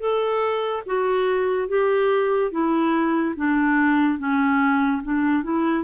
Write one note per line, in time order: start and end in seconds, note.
0.00 0.83 A4
0.86 1.68 F#4
1.68 2.52 G4
2.52 3.35 E4
3.36 4.19 D4
4.19 5.02 C#4
5.03 5.44 D4
5.44 5.84 E4